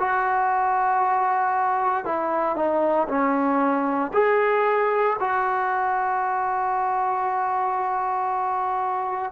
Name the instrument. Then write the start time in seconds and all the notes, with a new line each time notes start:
trombone
0.00 F#4
2.05 E4
2.56 D#4
3.08 C#4
4.14 G#4
5.20 F#4